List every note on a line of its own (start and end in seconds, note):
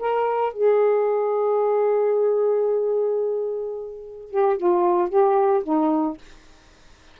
0.00 0.54 A#4
0.54 4.31 G#4
4.31 4.58 G4
4.58 5.10 F4
5.10 5.64 G4
5.64 6.18 D#4